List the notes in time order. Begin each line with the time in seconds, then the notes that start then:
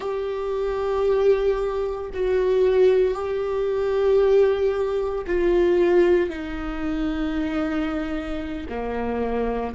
0.00 G4
2.13 F#4
3.14 G4
5.26 F4
6.29 D#4
8.69 A#3